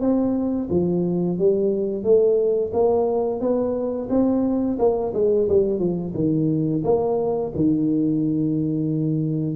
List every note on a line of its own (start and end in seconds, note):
0.00 0.68 C4
0.70 1.38 F3
1.38 2.03 G3
2.03 2.71 A3
2.73 3.40 A#3
3.40 4.08 B3
4.09 4.77 C4
4.79 5.13 A#3
5.13 5.47 G#3
5.48 5.79 G3
5.79 6.13 F3
6.14 6.82 D#3
6.83 7.52 A#3
7.55 9.56 D#3